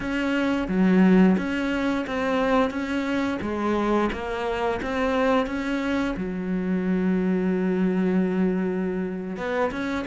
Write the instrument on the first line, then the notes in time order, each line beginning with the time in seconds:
cello
0.00 C#4
0.68 F#3
1.37 C#4
2.06 C4
2.70 C#4
3.41 G#3
4.12 A#3
4.82 C4
5.46 C#4
6.16 F#3
9.36 B3
9.71 C#4